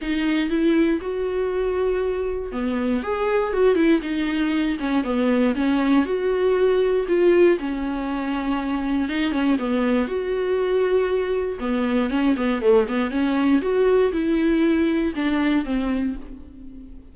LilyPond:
\new Staff \with { instrumentName = "viola" } { \time 4/4 \tempo 4 = 119 dis'4 e'4 fis'2~ | fis'4 b4 gis'4 fis'8 e'8 | dis'4. cis'8 b4 cis'4 | fis'2 f'4 cis'4~ |
cis'2 dis'8 cis'8 b4 | fis'2. b4 | cis'8 b8 a8 b8 cis'4 fis'4 | e'2 d'4 c'4 | }